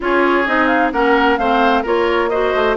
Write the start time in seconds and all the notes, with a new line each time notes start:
0.00 C#4 F4 G#4 C#5
0.46 C4 D#4 D#5
0.67 F5
0.92 A#3 C#4 A#4 F#5
1.37 A3 C4 C5 F5
1.82 A#3 F4 A#4 C#5
2.29 F#4 C5 D#5
2.55 A3